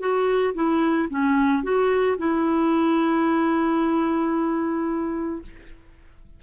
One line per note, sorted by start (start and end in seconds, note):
0.00 0.54 F#4
0.54 1.08 E4
1.10 1.63 C#4
1.63 2.17 F#4
2.18 5.42 E4